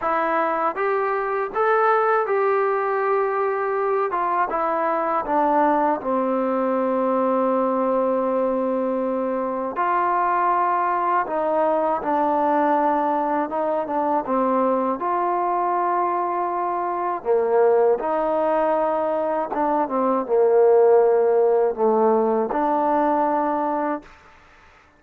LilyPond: \new Staff \with { instrumentName = "trombone" } { \time 4/4 \tempo 4 = 80 e'4 g'4 a'4 g'4~ | g'4. f'8 e'4 d'4 | c'1~ | c'4 f'2 dis'4 |
d'2 dis'8 d'8 c'4 | f'2. ais4 | dis'2 d'8 c'8 ais4~ | ais4 a4 d'2 | }